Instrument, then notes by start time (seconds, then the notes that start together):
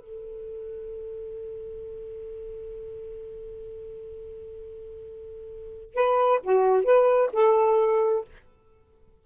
saxophone
0.00 A4
5.95 B4
6.43 F#4
6.85 B4
7.33 A4